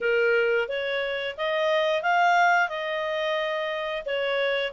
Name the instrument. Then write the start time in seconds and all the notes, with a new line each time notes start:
clarinet
0.01 A#4
0.68 C#5
1.37 D#5
2.02 F5
2.68 D#5
4.05 C#5